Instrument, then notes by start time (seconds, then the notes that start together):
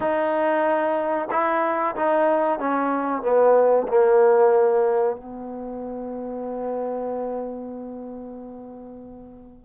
trombone
0.00 D#4
1.30 E4
1.95 D#4
2.59 C#4
3.22 B3
3.87 A#3
5.16 B3